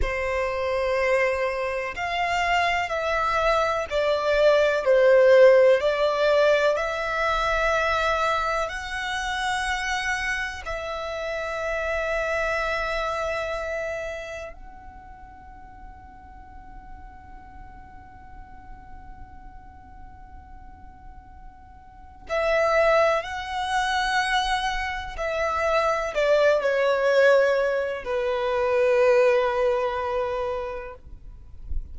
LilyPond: \new Staff \with { instrumentName = "violin" } { \time 4/4 \tempo 4 = 62 c''2 f''4 e''4 | d''4 c''4 d''4 e''4~ | e''4 fis''2 e''4~ | e''2. fis''4~ |
fis''1~ | fis''2. e''4 | fis''2 e''4 d''8 cis''8~ | cis''4 b'2. | }